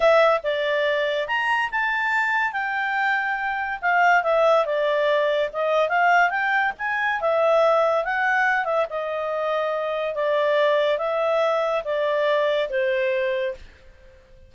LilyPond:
\new Staff \with { instrumentName = "clarinet" } { \time 4/4 \tempo 4 = 142 e''4 d''2 ais''4 | a''2 g''2~ | g''4 f''4 e''4 d''4~ | d''4 dis''4 f''4 g''4 |
gis''4 e''2 fis''4~ | fis''8 e''8 dis''2. | d''2 e''2 | d''2 c''2 | }